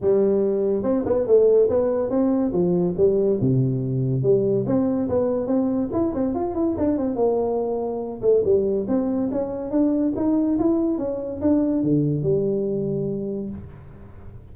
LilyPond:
\new Staff \with { instrumentName = "tuba" } { \time 4/4 \tempo 4 = 142 g2 c'8 b8 a4 | b4 c'4 f4 g4 | c2 g4 c'4 | b4 c'4 e'8 c'8 f'8 e'8 |
d'8 c'8 ais2~ ais8 a8 | g4 c'4 cis'4 d'4 | dis'4 e'4 cis'4 d'4 | d4 g2. | }